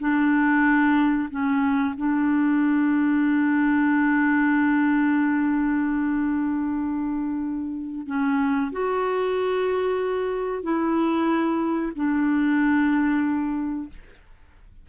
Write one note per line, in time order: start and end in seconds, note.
0.00 1.29 D4
1.30 1.95 C#4
1.97 8.07 D4
8.07 8.71 C#4
8.72 10.63 F#4
10.63 11.92 E4
11.96 13.89 D4